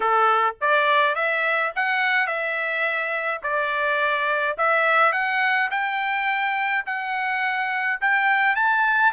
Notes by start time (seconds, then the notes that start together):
0.00 A4
0.61 D5
1.15 E5
1.75 F#5
2.26 E5
3.42 D5
4.57 E5
5.12 F#5
5.70 G5
6.85 F#5
8.00 G5
8.55 A5